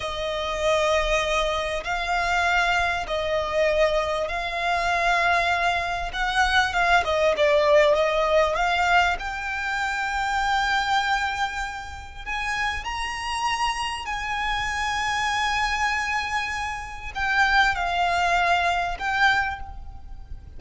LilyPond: \new Staff \with { instrumentName = "violin" } { \time 4/4 \tempo 4 = 98 dis''2. f''4~ | f''4 dis''2 f''4~ | f''2 fis''4 f''8 dis''8 | d''4 dis''4 f''4 g''4~ |
g''1 | gis''4 ais''2 gis''4~ | gis''1 | g''4 f''2 g''4 | }